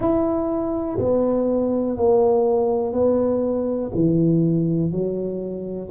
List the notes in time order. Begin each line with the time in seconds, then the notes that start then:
0.00 E4
0.98 B3
1.96 A#3
2.92 B3
3.94 E3
4.91 F#3